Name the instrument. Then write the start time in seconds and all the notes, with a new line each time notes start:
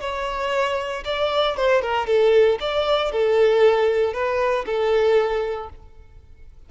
violin
0.00 C#5
1.05 D5
1.56 C5
1.82 A#4
2.07 A4
2.60 D5
3.12 A4
4.13 B4
4.66 A4